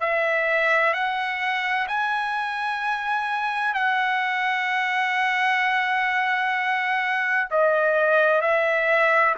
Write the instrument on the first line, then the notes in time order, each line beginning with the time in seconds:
trumpet
0.00 E5
0.93 F#5
1.88 G#5
3.74 F#5
7.50 D#5
8.41 E5